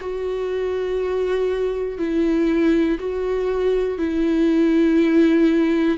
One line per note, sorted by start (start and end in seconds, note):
0.00 1.98 F#4
1.98 2.98 E4
2.99 3.98 F#4
3.98 5.98 E4